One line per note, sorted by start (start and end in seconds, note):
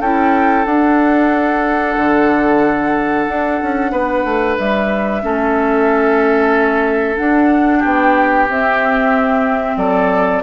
0.00 0.66 C#4
0.00 0.66 E4
0.00 3.91 A4
0.00 0.65 G5
0.65 1.96 D4
0.65 5.22 D4
0.65 4.57 F#5
1.97 3.27 D3
3.28 3.61 D4
3.62 3.92 C#4
3.92 4.24 B3
3.92 5.22 B4
4.24 4.57 A3
4.58 5.23 G3
4.58 7.17 E5
5.22 7.19 A3
5.22 7.17 C#4
5.22 7.79 A4
7.17 8.48 D4
7.17 7.84 D4
7.17 7.82 F#5
7.79 8.49 B3
7.79 9.74 G4
7.79 8.49 G5
8.49 9.76 C4
8.49 10.43 C4
8.49 9.78 E5
9.76 10.42 F#3
9.76 10.43 A4
9.76 10.43 D5